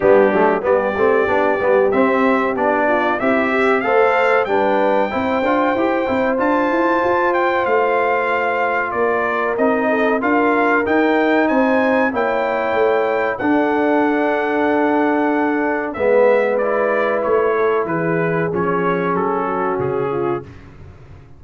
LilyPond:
<<
  \new Staff \with { instrumentName = "trumpet" } { \time 4/4 \tempo 4 = 94 g'4 d''2 e''4 | d''4 e''4 f''4 g''4~ | g''2 a''4. g''8 | f''2 d''4 dis''4 |
f''4 g''4 gis''4 g''4~ | g''4 fis''2.~ | fis''4 e''4 d''4 cis''4 | b'4 cis''4 a'4 gis'4 | }
  \new Staff \with { instrumentName = "horn" } { \time 4/4 d'4 g'2.~ | g'8 f'8 e'8 g'8 c''4 b'4 | c''1~ | c''2 ais'4. a'8 |
ais'2 c''4 cis''4~ | cis''4 a'2.~ | a'4 b'2~ b'8 a'8 | gis'2~ gis'8 fis'4 f'8 | }
  \new Staff \with { instrumentName = "trombone" } { \time 4/4 b8 a8 b8 c'8 d'8 b8 c'4 | d'4 g'4 a'4 d'4 | e'8 f'8 g'8 e'8 f'2~ | f'2. dis'4 |
f'4 dis'2 e'4~ | e'4 d'2.~ | d'4 b4 e'2~ | e'4 cis'2. | }
  \new Staff \with { instrumentName = "tuba" } { \time 4/4 g8 fis8 g8 a8 b8 g8 c'4 | b4 c'4 a4 g4 | c'8 d'8 e'8 c'8 d'8 e'8 f'4 | a2 ais4 c'4 |
d'4 dis'4 c'4 ais4 | a4 d'2.~ | d'4 gis2 a4 | e4 f4 fis4 cis4 | }
>>